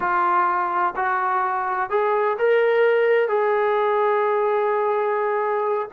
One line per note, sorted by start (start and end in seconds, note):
0.00 0.94 F4
0.96 1.89 F#4
1.89 2.37 G#4
2.38 3.28 A#4
3.28 5.88 G#4